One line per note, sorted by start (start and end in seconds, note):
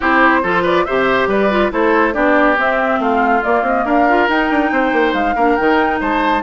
0.00 0.43 C4
0.00 0.43 E4
0.00 0.40 G4
0.00 0.65 C5
0.42 0.86 F3
0.42 0.86 F4
0.42 0.62 A4
0.62 0.84 B4
0.62 0.84 D5
0.84 1.26 C3
0.84 1.50 G4
0.84 1.28 C5
0.84 1.27 E5
1.26 1.69 G3
1.26 1.71 B4
1.26 1.72 D5
1.50 1.71 F4
1.71 2.15 A3
1.71 2.13 E4
1.71 2.14 A4
1.71 2.13 C5
2.13 2.58 B3
2.13 2.56 D4
2.13 2.99 G4
2.13 2.56 D5
2.56 3.42 C4
2.56 2.99 C4
2.56 3.01 E5
2.99 3.42 A3
2.99 3.85 F4
2.99 3.43 F5
3.43 4.08 A#3
3.43 3.62 A#3
3.43 3.64 D5
3.62 3.83 C4
3.62 3.86 D#5
3.85 4.27 D4
3.85 4.70 A#4
3.85 4.29 F5
4.08 4.28 F4
4.28 5.35 D#4
4.28 4.50 D#4
4.28 5.13 G5
4.50 4.71 D4
4.71 4.92 C4
4.71 5.35 C5
4.92 5.13 A#3
5.13 5.35 G#3
5.13 5.56 F5
5.35 5.57 A#3
5.35 5.57 D4
5.35 5.99 A#4
5.56 6.00 D#3
5.56 6.42 D#4
5.56 5.98 G5
6.00 6.42 G#3
6.00 6.42 C5
6.00 6.42 A5